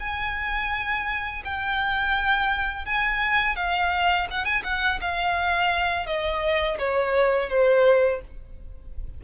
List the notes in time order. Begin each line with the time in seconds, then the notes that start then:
0.00 G#5
1.44 G5
2.85 G#5
3.56 F5
4.31 F#5
4.45 G#5
4.64 F#5
5.01 F5
6.06 D#5
6.78 C#5
7.50 C5